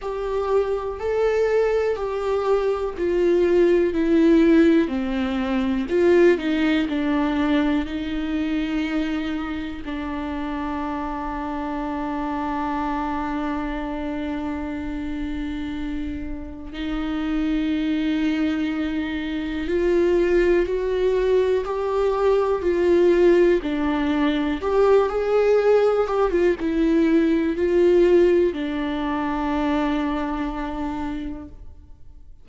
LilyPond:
\new Staff \with { instrumentName = "viola" } { \time 4/4 \tempo 4 = 61 g'4 a'4 g'4 f'4 | e'4 c'4 f'8 dis'8 d'4 | dis'2 d'2~ | d'1~ |
d'4 dis'2. | f'4 fis'4 g'4 f'4 | d'4 g'8 gis'4 g'16 f'16 e'4 | f'4 d'2. | }